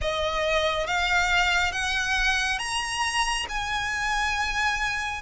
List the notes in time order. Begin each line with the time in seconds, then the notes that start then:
0.01 D#5
0.87 F5
1.72 F#5
2.58 A#5
3.49 G#5